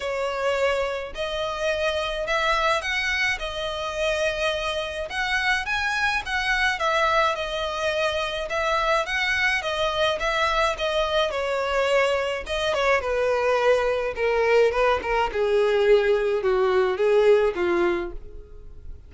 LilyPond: \new Staff \with { instrumentName = "violin" } { \time 4/4 \tempo 4 = 106 cis''2 dis''2 | e''4 fis''4 dis''2~ | dis''4 fis''4 gis''4 fis''4 | e''4 dis''2 e''4 |
fis''4 dis''4 e''4 dis''4 | cis''2 dis''8 cis''8 b'4~ | b'4 ais'4 b'8 ais'8 gis'4~ | gis'4 fis'4 gis'4 f'4 | }